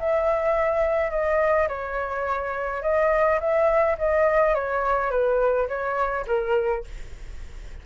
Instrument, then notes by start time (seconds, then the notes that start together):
flute
0.00 E5
1.11 D#5
1.69 C#5
2.83 D#5
3.41 E5
3.98 D#5
4.55 C#5
5.11 B4
5.69 C#5
6.28 A#4